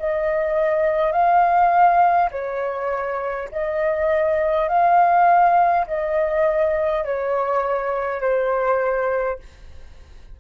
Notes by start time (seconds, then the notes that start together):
0.00 D#5
1.12 F5
2.32 C#5
3.52 D#5
4.69 F5
5.87 D#5
7.05 C#5
8.21 C5